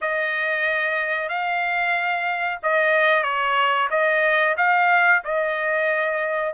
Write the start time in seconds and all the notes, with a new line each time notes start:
0.01 D#5
1.29 F5
2.62 D#5
3.23 C#5
3.90 D#5
4.57 F5
5.24 D#5